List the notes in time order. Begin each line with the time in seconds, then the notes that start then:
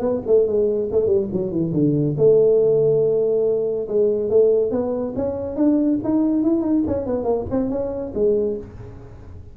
0.00 B3
0.26 A3
0.47 G#3
0.92 A3
1.07 G3
1.32 F#3
1.51 E3
1.73 D3
2.18 A3
3.88 G#3
4.30 A3
4.71 B3
5.16 C#4
5.56 D4
6.04 D#4
6.43 E4
6.62 D#4
6.87 C#4
7.06 B3
7.24 A#3
7.51 C4
7.70 C#4
8.15 G#3